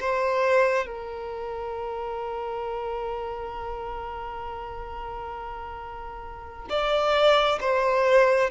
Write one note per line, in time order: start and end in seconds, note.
0.00 0.86 C5
0.86 6.68 A#4
6.69 7.59 D5
7.60 8.50 C5